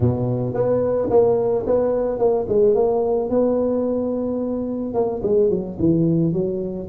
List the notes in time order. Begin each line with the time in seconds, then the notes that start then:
0.00 B2
0.54 B3
1.10 A#3
1.66 B3
2.18 A#3
2.48 G#3
2.74 A#3
3.29 B3
4.94 A#3
5.22 G#3
5.50 F#3
5.79 E3
6.33 F#3